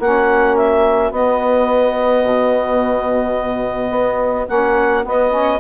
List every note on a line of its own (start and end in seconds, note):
0.00 1.11 A#3
0.00 1.13 C#4
0.00 5.60 F#4
0.00 0.57 F#5
0.57 1.13 E5
1.11 2.23 B3
1.11 4.48 B3
1.11 4.49 D#5
2.25 3.91 B2
3.91 4.47 B3
4.48 5.06 A#3
4.48 5.03 C#4
4.48 5.05 F#5
5.03 5.31 B3
5.03 5.60 B3
5.03 5.60 D#5
5.31 5.59 C#4